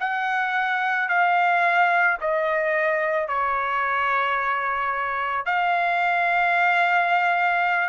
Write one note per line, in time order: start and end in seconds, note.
0.00 1.09 F#5
1.09 2.18 F5
2.21 3.28 D#5
3.28 5.46 C#5
5.46 7.89 F5